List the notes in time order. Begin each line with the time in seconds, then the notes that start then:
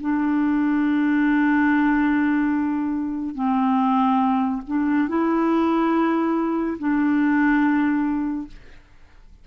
0.00 D4
3.35 C4
4.67 D4
5.08 E4
6.78 D4